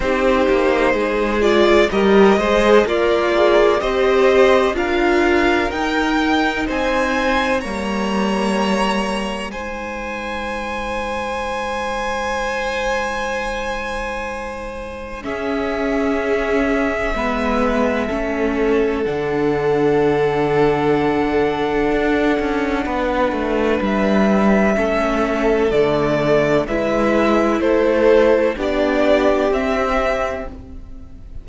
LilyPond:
<<
  \new Staff \with { instrumentName = "violin" } { \time 4/4 \tempo 4 = 63 c''4. d''8 dis''4 d''4 | dis''4 f''4 g''4 gis''4 | ais''2 gis''2~ | gis''1 |
e''1 | fis''1~ | fis''4 e''2 d''4 | e''4 c''4 d''4 e''4 | }
  \new Staff \with { instrumentName = "violin" } { \time 4/4 g'4 gis'4 ais'8 c''8 f'4 | c''4 ais'2 c''4 | cis''2 c''2~ | c''1 |
gis'2 b'4 a'4~ | a'1 | b'2 a'2 | b'4 a'4 g'2 | }
  \new Staff \with { instrumentName = "viola" } { \time 4/4 dis'4. f'8 g'8 gis'8 ais'8 gis'8 | g'4 f'4 dis'2 | ais2 dis'2~ | dis'1 |
cis'2 b4 cis'4 | d'1~ | d'2 cis'4 a4 | e'2 d'4 c'4 | }
  \new Staff \with { instrumentName = "cello" } { \time 4/4 c'8 ais8 gis4 g8 gis8 ais4 | c'4 d'4 dis'4 c'4 | g2 gis2~ | gis1 |
cis'2 gis4 a4 | d2. d'8 cis'8 | b8 a8 g4 a4 d4 | gis4 a4 b4 c'4 | }
>>